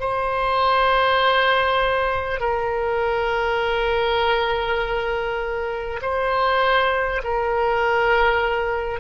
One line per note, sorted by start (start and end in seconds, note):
0.00 2.40 C5
2.41 6.01 A#4
6.02 7.22 C5
7.24 9.01 A#4